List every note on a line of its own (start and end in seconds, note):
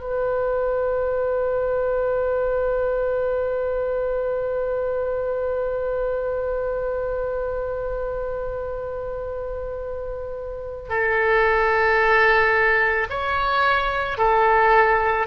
0.00 10.89 B4
10.89 13.08 A4
13.10 14.18 C#5
14.18 15.27 A4